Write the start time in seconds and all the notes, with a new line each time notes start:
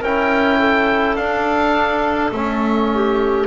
0.00 C#4 E4 A#4 G5
0.59 A4
1.16 D4 F5
2.32 A3 C#4 E5
2.94 G4